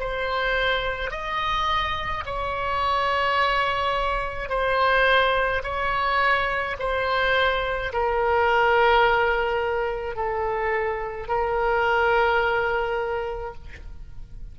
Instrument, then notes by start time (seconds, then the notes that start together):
oboe
0.00 C5
1.11 D#5
2.26 C#5
4.49 C5
5.63 C#5
6.80 C5
7.93 A#4
10.16 A4
11.28 A#4